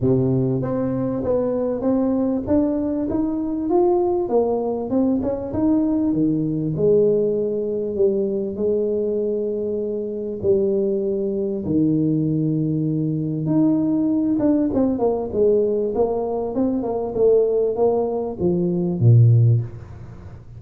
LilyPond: \new Staff \with { instrumentName = "tuba" } { \time 4/4 \tempo 4 = 98 c4 c'4 b4 c'4 | d'4 dis'4 f'4 ais4 | c'8 cis'8 dis'4 dis4 gis4~ | gis4 g4 gis2~ |
gis4 g2 dis4~ | dis2 dis'4. d'8 | c'8 ais8 gis4 ais4 c'8 ais8 | a4 ais4 f4 ais,4 | }